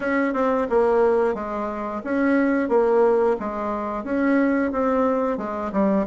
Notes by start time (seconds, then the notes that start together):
0.00 C#4
0.33 C4
0.69 A#3
1.34 G#3
2.04 C#4
2.68 A#3
3.39 G#3
4.04 C#4
4.72 C4
5.37 G#3
5.72 G3